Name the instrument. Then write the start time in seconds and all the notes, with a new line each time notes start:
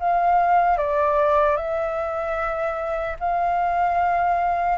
flute
0.00 F5
0.77 D5
1.56 E5
3.20 F5